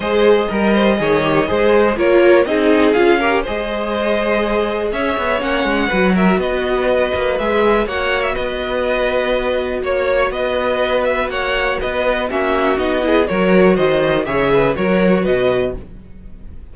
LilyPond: <<
  \new Staff \with { instrumentName = "violin" } { \time 4/4 \tempo 4 = 122 dis''1 | cis''4 dis''4 f''4 dis''4~ | dis''2 e''4 fis''4~ | fis''8 e''8 dis''2 e''4 |
fis''8. e''16 dis''2. | cis''4 dis''4. e''8 fis''4 | dis''4 e''4 dis''4 cis''4 | dis''4 e''4 cis''4 dis''4 | }
  \new Staff \with { instrumentName = "violin" } { \time 4/4 c''4 ais'8 c''8 cis''4 c''4 | ais'4 gis'4. ais'8 c''4~ | c''2 cis''2 | b'8 ais'8 b'2. |
cis''4 b'2. | cis''4 b'2 cis''4 | b'4 fis'4. gis'8 ais'4 | c''4 cis''8 b'8 ais'4 b'4 | }
  \new Staff \with { instrumentName = "viola" } { \time 4/4 gis'4 ais'4 gis'8 g'8 gis'4 | f'4 dis'4 f'8 g'8 gis'4~ | gis'2. cis'4 | fis'2. gis'4 |
fis'1~ | fis'1~ | fis'4 cis'4 dis'8 e'8 fis'4~ | fis'4 gis'4 fis'2 | }
  \new Staff \with { instrumentName = "cello" } { \time 4/4 gis4 g4 dis4 gis4 | ais4 c'4 cis'4 gis4~ | gis2 cis'8 b8 ais8 gis8 | fis4 b4. ais8 gis4 |
ais4 b2. | ais4 b2 ais4 | b4 ais4 b4 fis4 | dis4 cis4 fis4 b,4 | }
>>